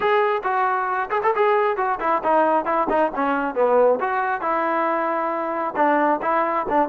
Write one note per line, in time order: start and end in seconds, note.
0.00 0.42 G#4
0.43 1.10 F#4
1.10 1.21 G#4
1.23 1.34 A4
1.35 1.77 G#4
1.77 1.99 F#4
2.00 2.22 E4
2.23 2.65 D#4
2.65 2.87 E4
2.89 3.11 D#4
3.15 3.54 C#4
3.54 3.99 B3
4.00 4.41 F#4
4.41 5.74 E4
5.76 6.20 D4
6.21 6.66 E4
6.69 6.88 D4